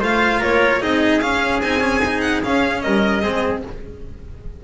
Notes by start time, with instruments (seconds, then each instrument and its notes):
0.00 double bass A3, cello F4, trumpet C5, violin F5
0.39 double bass A#3, trumpet A#4, violin C#5
0.81 double bass C4, cello D#4, trumpet G#4, violin D#5
1.20 double bass C#4, cello C#4, violin F5
1.61 double bass C4, cello D#4, violin G#5
1.80 cello C#4
2.05 cello D#4
2.20 violin F#5
2.43 cello C#4, double bass C#4, violin F5
2.81 double bass G3, trumpet A#4, violin D#5
3.22 double bass G#3, cello C4, trumpet G#4